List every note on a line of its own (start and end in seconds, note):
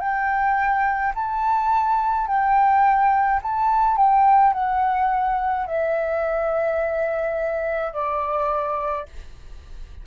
0.00 1.13 G5
1.15 2.27 A5
2.27 3.41 G5
3.43 3.97 A5
3.97 4.53 G5
4.53 5.67 F#5
5.67 7.93 E5
7.93 9.06 D5